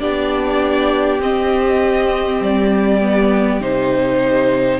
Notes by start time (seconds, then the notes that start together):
0.00 B3 D4 G4 D5
1.20 C4 D#5
2.41 G3 D5
3.01 B3
3.60 C3 D#4 C5